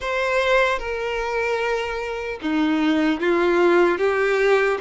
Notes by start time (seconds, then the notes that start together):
0.00 C5
0.78 A#4
2.41 D#4
3.20 F4
3.98 G4